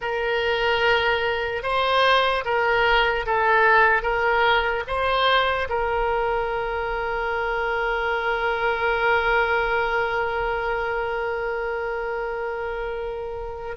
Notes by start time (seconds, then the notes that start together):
0.01 A#4
1.62 C5
2.44 A#4
3.26 A4
4.02 A#4
4.86 C5
5.69 A#4